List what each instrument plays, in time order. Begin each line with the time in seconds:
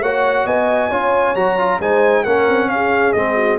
0.00 tuba A#3, trombone F#4, horn C#5, trumpet F#5
0.45 tuba B3, horn D#5, trumpet G#5
0.89 tuba C#4, trombone F4, horn C#5
1.35 tuba F#3, trombone F#4, trumpet A#5
1.58 trombone F4
1.80 tuba G#3, trombone D#4, horn C5, trumpet G#5
2.24 tuba A#3, trombone C#4, horn A#4, trumpet F#5
2.48 tuba C4
2.68 tuba C#4, trumpet F5
2.74 horn G#4
3.13 tuba G#3, trombone C4, trumpet D#5
3.36 horn F#4